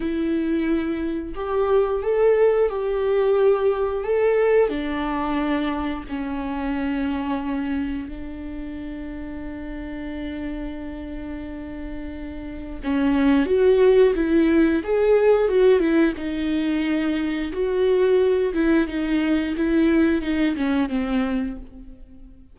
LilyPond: \new Staff \with { instrumentName = "viola" } { \time 4/4 \tempo 4 = 89 e'2 g'4 a'4 | g'2 a'4 d'4~ | d'4 cis'2. | d'1~ |
d'2. cis'4 | fis'4 e'4 gis'4 fis'8 e'8 | dis'2 fis'4. e'8 | dis'4 e'4 dis'8 cis'8 c'4 | }